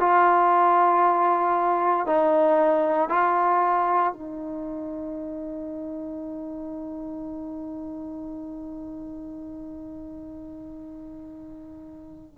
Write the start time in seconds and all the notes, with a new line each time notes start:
0.00 F4
2.07 D#4
3.09 F4
4.13 D#4